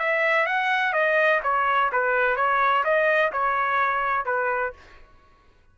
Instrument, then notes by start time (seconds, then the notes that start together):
trumpet
0.00 E5
0.47 F#5
0.94 D#5
1.44 C#5
1.93 B4
2.37 C#5
2.85 D#5
3.33 C#5
4.26 B4